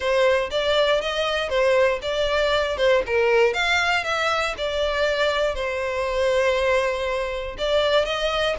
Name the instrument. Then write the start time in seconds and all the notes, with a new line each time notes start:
violin
0.00 C5
0.50 D5
1.01 D#5
1.49 C5
2.01 D5
2.77 C5
3.06 A#4
3.53 F5
4.04 E5
4.57 D5
5.55 C5
7.58 D5
8.05 D#5